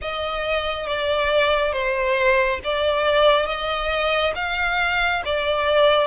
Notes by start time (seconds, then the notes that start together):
0.01 D#5
0.87 D5
1.72 C5
2.64 D5
3.46 D#5
4.35 F5
5.25 D5